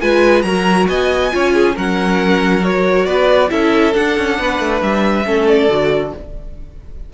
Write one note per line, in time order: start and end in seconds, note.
0.00 0.43 G#3
0.00 0.44 F4
0.00 0.44 B4
0.00 0.42 G#5
0.42 0.87 F#3
0.42 1.31 F#4
0.42 0.88 A#4
0.42 0.85 A#5
0.88 1.32 B3
0.88 1.33 D#5
0.88 1.75 G#5
1.31 1.77 C#4
1.31 1.75 F4
1.31 1.53 C#5
1.53 1.75 G#4
1.75 3.06 F#3
1.75 2.61 C#4
1.75 3.06 A#4
1.75 2.64 F#5
2.61 3.48 F#4
2.61 3.05 C#5
3.05 3.49 B3
3.05 3.49 B4
3.05 3.49 D5
3.48 3.95 C#4
3.48 3.92 E4
3.48 4.38 A4
3.48 3.93 E5
3.92 5.24 D4
3.92 4.17 D4
3.92 4.81 F#5
4.17 4.38 C#4
4.38 4.59 B3
4.38 5.25 B4
4.59 4.81 A3
4.82 5.25 G3
4.82 5.47 E5
5.24 5.68 A3
5.24 5.68 C#4
5.24 6.13 A4
5.47 6.13 D5
5.68 6.12 D3
5.68 6.13 F#4